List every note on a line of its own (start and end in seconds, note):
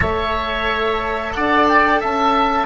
0.00 1.34 A3
0.00 2.66 A4
0.00 1.32 C#5
0.00 1.34 E5
1.34 2.03 D4
1.34 2.00 D5
1.34 1.67 F#5
1.68 2.01 G5
2.00 2.66 C#4
2.00 2.66 E5
2.00 2.66 A5